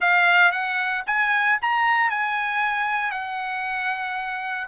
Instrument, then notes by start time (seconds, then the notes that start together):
trumpet
0.00 F5
0.51 F#5
1.06 G#5
1.61 A#5
2.10 G#5
3.11 F#5